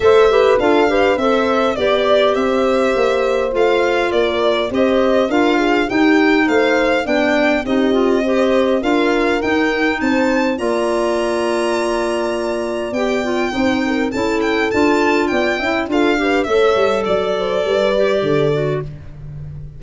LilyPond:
<<
  \new Staff \with { instrumentName = "violin" } { \time 4/4 \tempo 4 = 102 e''4 f''4 e''4 d''4 | e''2 f''4 d''4 | dis''4 f''4 g''4 f''4 | g''4 dis''2 f''4 |
g''4 a''4 ais''2~ | ais''2 g''2 | a''8 g''8 a''4 g''4 f''4 | e''4 d''2. | }
  \new Staff \with { instrumentName = "horn" } { \time 4/4 c''8 b'8 a'8 b'8 c''4 d''4 | c''2. ais'4 | c''4 ais'8 gis'8 g'4 c''4 | d''4 g'4 c''4 ais'4~ |
ais'4 c''4 d''2~ | d''2. c''8 ais'8 | a'2 d''8 e''8 a'8 b'8 | cis''4 d''8 c''8 b'4 a'4 | }
  \new Staff \with { instrumentName = "clarinet" } { \time 4/4 a'8 g'8 f'8 g'8 a'4 g'4~ | g'2 f'2 | g'4 f'4 dis'2 | d'4 dis'8 f'8 g'4 f'4 |
dis'2 f'2~ | f'2 g'8 f'8 dis'4 | e'4 f'4. e'8 f'8 g'8 | a'2~ a'8 g'4 fis'8 | }
  \new Staff \with { instrumentName = "tuba" } { \time 4/4 a4 d'4 c'4 b4 | c'4 ais4 a4 ais4 | c'4 d'4 dis'4 a4 | b4 c'2 d'4 |
dis'4 c'4 ais2~ | ais2 b4 c'4 | cis'4 d'4 b8 cis'8 d'4 | a8 g8 fis4 g4 d4 | }
>>